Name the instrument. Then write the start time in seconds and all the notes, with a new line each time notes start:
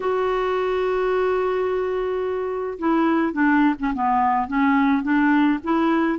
clarinet
0.00 F#4
2.78 E4
3.32 D4
3.79 C#4
3.94 B3
4.47 C#4
5.03 D4
5.63 E4